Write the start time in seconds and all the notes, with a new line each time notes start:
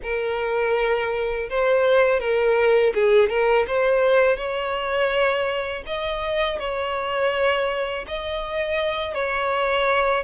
0.02 A#4
1.49 C5
2.20 A#4
2.94 G#4
3.29 A#4
3.67 C5
4.36 C#5
5.86 D#5
6.59 C#5
8.07 D#5
9.14 C#5